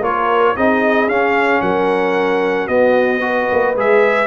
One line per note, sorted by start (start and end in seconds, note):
0.00 0.54 A#3
0.00 0.56 F4
0.00 0.56 A#4
0.00 0.57 C#5
0.57 1.08 C4
0.57 1.10 D#4
0.57 1.63 G#4
0.57 1.09 D#5
1.08 1.61 C#4
1.08 2.70 C#4
1.08 1.62 F5
1.62 2.69 F#3
1.62 2.68 A#4
1.62 2.68 F#5
2.68 3.49 B3
2.68 3.21 B3
2.68 3.22 F#4
2.68 3.75 D#5
3.21 3.75 F#4
3.21 4.27 B4
3.53 3.76 A#3
3.76 4.27 G#3
3.76 4.27 G#4
3.76 4.27 E5